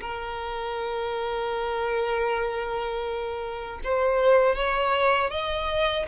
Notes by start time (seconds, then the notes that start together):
0.00 A#4
3.83 C5
4.55 C#5
5.30 D#5